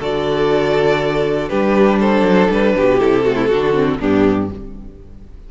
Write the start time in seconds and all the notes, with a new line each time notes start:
0.00 D3 F#4 A4 D5
1.49 G3 D4 G4 B4
2.00 A4 C5
2.23 F#3
2.51 G3 B4
2.76 B2 G4
3.00 C3 E4 A4
3.25 A3 F#4
3.36 E4
3.48 D3 D4 F#4
3.75 C4
4.00 G2 B3 D4 G4